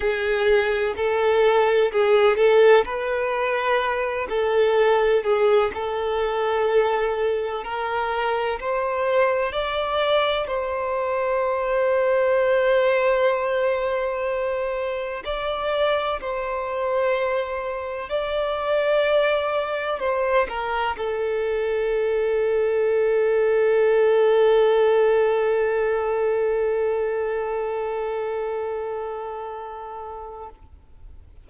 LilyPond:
\new Staff \with { instrumentName = "violin" } { \time 4/4 \tempo 4 = 63 gis'4 a'4 gis'8 a'8 b'4~ | b'8 a'4 gis'8 a'2 | ais'4 c''4 d''4 c''4~ | c''1 |
d''4 c''2 d''4~ | d''4 c''8 ais'8 a'2~ | a'1~ | a'1 | }